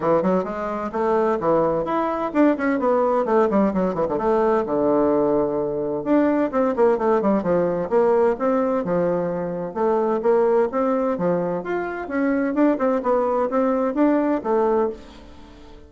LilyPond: \new Staff \with { instrumentName = "bassoon" } { \time 4/4 \tempo 4 = 129 e8 fis8 gis4 a4 e4 | e'4 d'8 cis'8 b4 a8 g8 | fis8 e16 d16 a4 d2~ | d4 d'4 c'8 ais8 a8 g8 |
f4 ais4 c'4 f4~ | f4 a4 ais4 c'4 | f4 f'4 cis'4 d'8 c'8 | b4 c'4 d'4 a4 | }